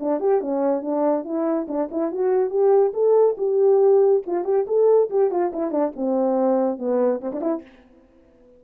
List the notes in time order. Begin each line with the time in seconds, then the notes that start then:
0.00 D4
0.20 G4
0.41 C#4
0.82 D4
1.24 E4
1.68 D4
1.91 E4
2.12 F#4
2.50 G4
2.94 A4
3.38 G4
4.26 F4
4.44 G4
4.67 A4
5.10 G4
5.31 F4
5.53 E4
5.71 D4
5.96 C4
6.78 B3
7.21 C4
7.32 D4
7.41 E4